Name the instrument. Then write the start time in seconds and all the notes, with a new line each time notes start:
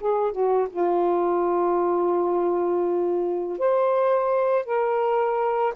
saxophone
0.00 G#4
0.32 F#4
0.70 F4
3.59 C5
4.65 A#4